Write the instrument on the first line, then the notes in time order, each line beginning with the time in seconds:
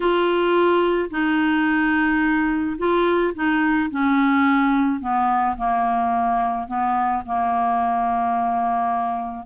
clarinet
0.00 F4
1.10 D#4
2.78 F4
3.34 D#4
3.90 C#4
5.00 B3
5.57 A#3
6.67 B3
7.25 A#3